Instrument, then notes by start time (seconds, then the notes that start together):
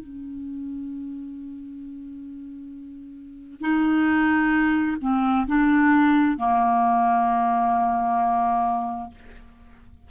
clarinet
0.00 C#4
3.61 D#4
5.02 C4
5.48 D4
6.38 A#3